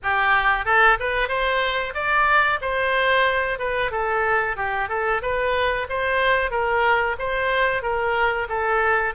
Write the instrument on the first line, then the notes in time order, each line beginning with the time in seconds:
oboe
0.02 G4
0.65 A4
0.99 B4
1.28 C5
1.94 D5
2.61 C5
3.58 B4
3.91 A4
4.56 G4
4.89 A4
5.21 B4
5.89 C5
6.50 A#4
7.18 C5
7.82 A#4
8.48 A4